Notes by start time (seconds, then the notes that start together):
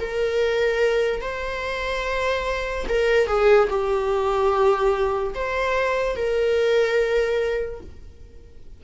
0.00 A#4
1.21 C5
2.88 A#4
3.27 G#4
3.69 G4
5.34 C5
6.16 A#4